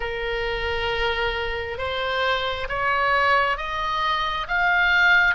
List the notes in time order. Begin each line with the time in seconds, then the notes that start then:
0.00 A#4
1.78 C5
2.69 C#5
3.57 D#5
4.48 F5